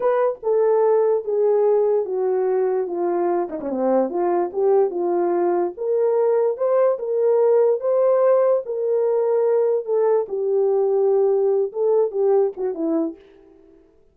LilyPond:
\new Staff \with { instrumentName = "horn" } { \time 4/4 \tempo 4 = 146 b'4 a'2 gis'4~ | gis'4 fis'2 f'4~ | f'8 dis'16 cis'16 c'4 f'4 g'4 | f'2 ais'2 |
c''4 ais'2 c''4~ | c''4 ais'2. | a'4 g'2.~ | g'8 a'4 g'4 fis'8 e'4 | }